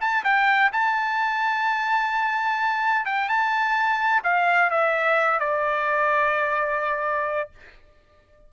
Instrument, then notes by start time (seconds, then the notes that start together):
trumpet
0.00 A5
0.24 G5
0.72 A5
3.06 G5
3.29 A5
4.23 F5
4.70 E5
5.39 D5